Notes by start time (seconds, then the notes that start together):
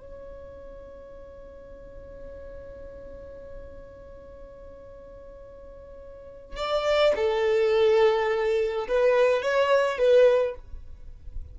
0.00 C#5
6.57 D5
7.16 A4
8.88 B4
9.43 C#5
9.98 B4